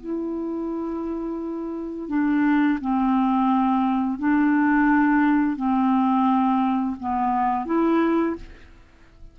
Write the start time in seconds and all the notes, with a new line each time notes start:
0.00 E4
2.09 D4
2.81 C4
4.19 D4
5.57 C4
7.00 B3
7.66 E4